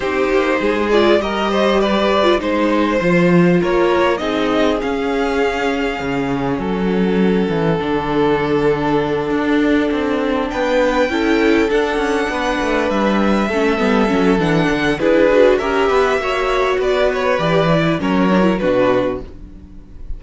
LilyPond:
<<
  \new Staff \with { instrumentName = "violin" } { \time 4/4 \tempo 4 = 100 c''4. d''8 dis''4 d''4 | c''2 cis''4 dis''4 | f''2. fis''4~ | fis''1~ |
fis''4. g''2 fis''8~ | fis''4. e''2~ e''8 | fis''4 b'4 e''2 | d''8 cis''8 d''4 cis''4 b'4 | }
  \new Staff \with { instrumentName = "violin" } { \time 4/4 g'4 gis'4 ais'8 c''8 b'4 | c''2 ais'4 gis'4~ | gis'2. a'4~ | a'1~ |
a'4. b'4 a'4.~ | a'8 b'2 a'4.~ | a'4 gis'4 ais'8 b'8 cis''4 | b'2 ais'4 fis'4 | }
  \new Staff \with { instrumentName = "viola" } { \time 4/4 dis'4. f'8 g'4.~ g'16 f'16 | dis'4 f'2 dis'4 | cis'1~ | cis'4 d'2.~ |
d'2~ d'8 e'4 d'8~ | d'2~ d'8 cis'8 b8 cis'8 | d'4 e'8 fis'8 g'4 fis'4~ | fis'4 g'8 e'8 cis'8 d'16 e'16 d'4 | }
  \new Staff \with { instrumentName = "cello" } { \time 4/4 c'8 ais8 gis4 g2 | gis4 f4 ais4 c'4 | cis'2 cis4 fis4~ | fis8 e8 d2~ d8 d'8~ |
d'8 c'4 b4 cis'4 d'8 | cis'8 b8 a8 g4 a8 g8 fis8 | e8 d8 d'4 cis'8 b8 ais4 | b4 e4 fis4 b,4 | }
>>